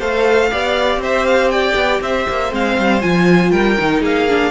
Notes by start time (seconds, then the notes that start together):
0.00 A3 A4 C5 F5
0.51 B3 G4 D5
0.97 C4 C5
1.03 E5
1.26 F5
1.50 D5 G5
1.75 B3
2.01 C4 C5 E5
2.30 A#3
2.50 G#3 C4 F5
2.78 G3
3.02 F3 F4 G#5
3.52 G3 A#4 G5
3.79 D#3 D#4
4.02 A#3 G#4 F5
4.29 D4